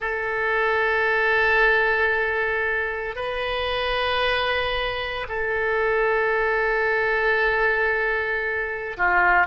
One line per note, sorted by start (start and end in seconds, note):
0.00 3.15 A4
3.15 5.26 B4
5.28 8.97 A4
8.97 9.46 F4